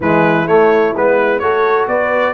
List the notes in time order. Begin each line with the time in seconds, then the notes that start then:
0.00 E3 G#3 E4 B4
0.46 A3 C#5
0.96 G#3 B3 B4
1.39 A3 F#4 A4 C#5
1.87 B3 B4 D5